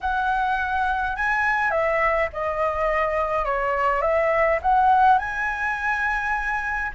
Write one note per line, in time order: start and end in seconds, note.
0.00 1.16 F#5
1.16 1.70 G#5
1.70 2.28 E5
2.33 3.45 D#5
3.45 4.01 C#5
4.01 4.59 E5
4.62 5.18 F#5
5.18 6.91 G#5